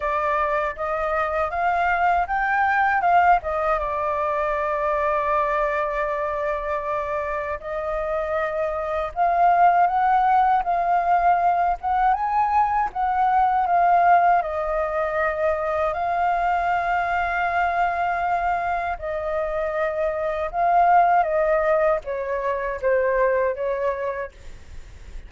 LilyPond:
\new Staff \with { instrumentName = "flute" } { \time 4/4 \tempo 4 = 79 d''4 dis''4 f''4 g''4 | f''8 dis''8 d''2.~ | d''2 dis''2 | f''4 fis''4 f''4. fis''8 |
gis''4 fis''4 f''4 dis''4~ | dis''4 f''2.~ | f''4 dis''2 f''4 | dis''4 cis''4 c''4 cis''4 | }